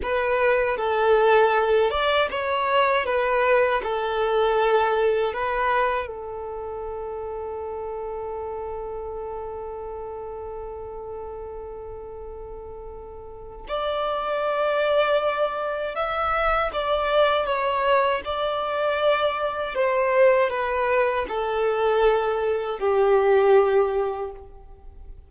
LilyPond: \new Staff \with { instrumentName = "violin" } { \time 4/4 \tempo 4 = 79 b'4 a'4. d''8 cis''4 | b'4 a'2 b'4 | a'1~ | a'1~ |
a'2 d''2~ | d''4 e''4 d''4 cis''4 | d''2 c''4 b'4 | a'2 g'2 | }